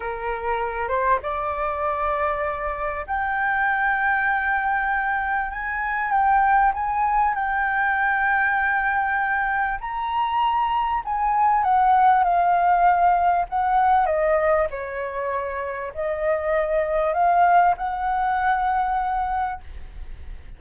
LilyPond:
\new Staff \with { instrumentName = "flute" } { \time 4/4 \tempo 4 = 98 ais'4. c''8 d''2~ | d''4 g''2.~ | g''4 gis''4 g''4 gis''4 | g''1 |
ais''2 gis''4 fis''4 | f''2 fis''4 dis''4 | cis''2 dis''2 | f''4 fis''2. | }